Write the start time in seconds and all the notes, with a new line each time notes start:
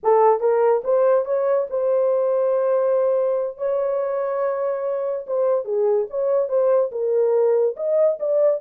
0.03 A4
0.39 A#4
0.84 C5
1.25 C#5
1.70 C5
3.57 C#5
5.27 C5
5.64 G#4
6.10 C#5
6.48 C5
6.91 A#4
7.76 D#5
8.19 D5